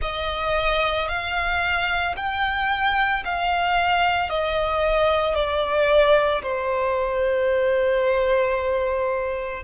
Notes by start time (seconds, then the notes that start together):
0.01 D#5
1.08 F5
2.16 G5
3.24 F5
4.29 D#5
5.34 D5
6.42 C5